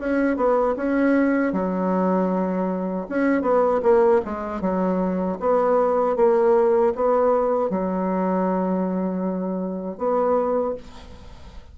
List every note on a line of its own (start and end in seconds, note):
0.00 0.37 C#4
0.37 0.76 B3
0.77 1.53 C#4
1.53 3.07 F#3
3.09 3.42 C#4
3.42 3.81 B3
3.83 4.21 A#3
4.26 4.61 G#3
4.61 5.38 F#3
5.40 6.17 B3
6.17 6.94 A#3
6.95 7.70 B3
7.70 9.98 F#3
9.98 10.75 B3